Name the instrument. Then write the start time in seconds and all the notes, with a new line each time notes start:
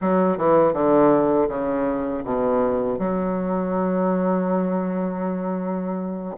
bassoon
0.01 F#3
0.37 E3
0.73 D3
1.48 C#3
2.24 B2
2.99 F#3